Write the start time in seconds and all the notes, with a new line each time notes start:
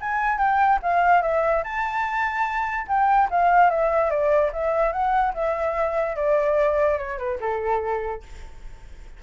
0.00 G#5
0.38 G5
0.82 F5
1.22 E5
1.63 A5
2.87 G5
3.30 F5
3.70 E5
4.10 D5
4.53 E5
4.92 F#5
5.34 E5
6.16 D5
6.97 C#5
7.18 B4
7.40 A4